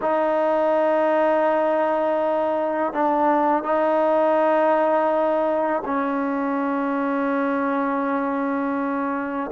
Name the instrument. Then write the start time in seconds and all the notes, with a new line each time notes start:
trombone
0.01 D#4
2.93 D4
3.63 D#4
5.85 C#4